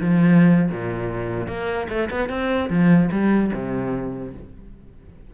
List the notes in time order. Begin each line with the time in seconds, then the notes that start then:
0.00 F3
0.70 A#2
1.47 A#3
1.89 A3
2.10 B3
2.29 C4
2.69 F3
3.11 G3
3.53 C3